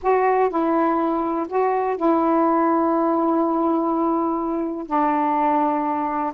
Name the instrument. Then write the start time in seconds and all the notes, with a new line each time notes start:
saxophone
0.02 F#4
0.49 E4
1.48 F#4
1.96 E4
4.86 D4